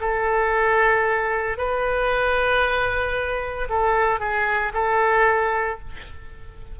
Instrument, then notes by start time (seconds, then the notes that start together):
oboe
0.00 A4
1.57 B4
3.69 A4
4.19 G#4
4.73 A4